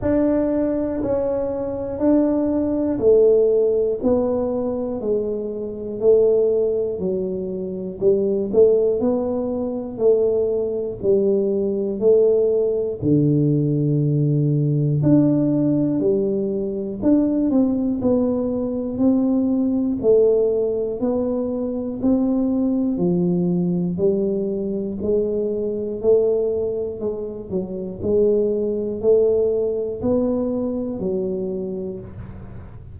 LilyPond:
\new Staff \with { instrumentName = "tuba" } { \time 4/4 \tempo 4 = 60 d'4 cis'4 d'4 a4 | b4 gis4 a4 fis4 | g8 a8 b4 a4 g4 | a4 d2 d'4 |
g4 d'8 c'8 b4 c'4 | a4 b4 c'4 f4 | g4 gis4 a4 gis8 fis8 | gis4 a4 b4 fis4 | }